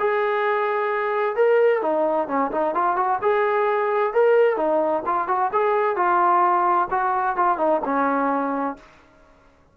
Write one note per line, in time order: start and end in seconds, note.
0.00 1.36 G#4
1.36 1.82 A#4
1.82 2.28 D#4
2.28 2.52 C#4
2.52 2.75 D#4
2.75 2.97 F4
2.97 3.20 F#4
3.22 4.14 G#4
4.14 4.57 A#4
4.57 5.03 D#4
5.06 5.28 F4
5.28 5.52 F#4
5.53 5.97 G#4
5.97 6.89 F4
6.91 7.37 F#4
7.37 7.58 F4
7.58 7.81 D#4
7.85 8.77 C#4